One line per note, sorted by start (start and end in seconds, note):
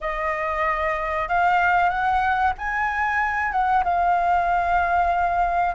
0.01 1.28 D#5
1.28 1.89 F5
1.89 2.53 F#5
2.57 3.51 G#5
3.51 3.83 F#5
3.84 5.74 F5